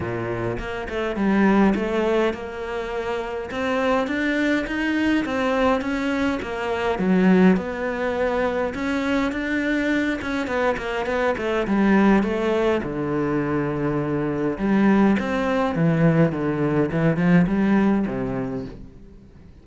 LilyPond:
\new Staff \with { instrumentName = "cello" } { \time 4/4 \tempo 4 = 103 ais,4 ais8 a8 g4 a4 | ais2 c'4 d'4 | dis'4 c'4 cis'4 ais4 | fis4 b2 cis'4 |
d'4. cis'8 b8 ais8 b8 a8 | g4 a4 d2~ | d4 g4 c'4 e4 | d4 e8 f8 g4 c4 | }